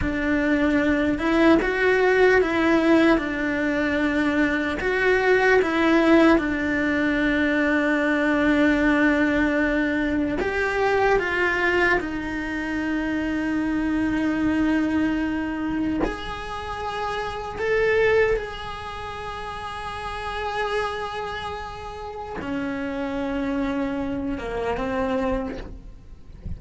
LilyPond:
\new Staff \with { instrumentName = "cello" } { \time 4/4 \tempo 4 = 75 d'4. e'8 fis'4 e'4 | d'2 fis'4 e'4 | d'1~ | d'4 g'4 f'4 dis'4~ |
dis'1 | gis'2 a'4 gis'4~ | gis'1 | cis'2~ cis'8 ais8 c'4 | }